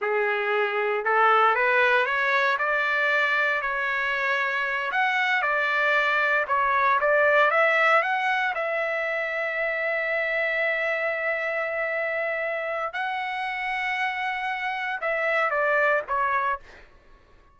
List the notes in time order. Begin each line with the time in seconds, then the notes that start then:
0.01 G#4
1.04 A4
1.55 B4
2.05 C#5
2.58 D5
3.61 C#5
4.91 F#5
5.42 D5
6.47 C#5
7.00 D5
7.50 E5
8.02 F#5
8.54 E5
12.93 F#5
15.01 E5
15.50 D5
16.07 C#5